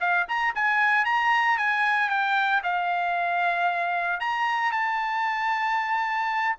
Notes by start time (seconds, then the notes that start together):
0.00 F5
0.28 A#5
0.55 G#5
1.05 A#5
1.57 G#5
2.09 G5
2.63 F5
4.20 A#5
4.72 A5